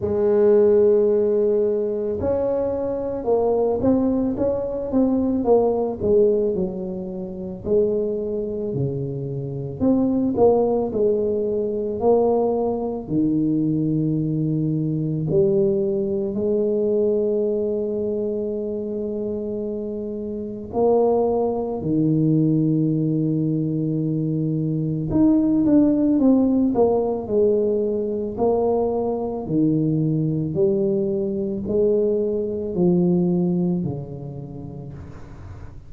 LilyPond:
\new Staff \with { instrumentName = "tuba" } { \time 4/4 \tempo 4 = 55 gis2 cis'4 ais8 c'8 | cis'8 c'8 ais8 gis8 fis4 gis4 | cis4 c'8 ais8 gis4 ais4 | dis2 g4 gis4~ |
gis2. ais4 | dis2. dis'8 d'8 | c'8 ais8 gis4 ais4 dis4 | g4 gis4 f4 cis4 | }